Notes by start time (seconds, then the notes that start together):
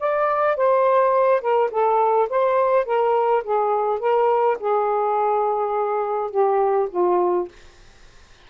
0.00 D5
0.57 C5
1.42 A#4
1.71 A4
2.30 C5
2.86 A#4
3.44 G#4
4.00 A#4
4.60 G#4
6.31 G4
6.91 F4